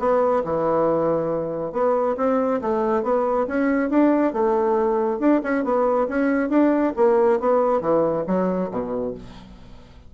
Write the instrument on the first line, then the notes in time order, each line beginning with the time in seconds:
bassoon
0.00 B3
0.45 E3
1.73 B3
2.18 C4
2.62 A3
3.04 B3
3.48 C#4
3.90 D4
4.34 A3
5.20 D4
5.44 C#4
5.65 B3
6.09 C#4
6.50 D4
6.97 A#3
7.40 B3
7.82 E3
8.28 F#3
8.71 B2